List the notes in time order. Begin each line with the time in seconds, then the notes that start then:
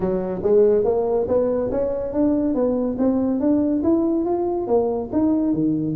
0.00 F#3
0.43 G#3
0.84 A#3
1.28 B3
1.71 C#4
2.13 D4
2.54 B3
2.98 C4
3.40 D4
3.83 E4
4.25 F4
4.67 A#3
5.12 D#4
5.53 D#3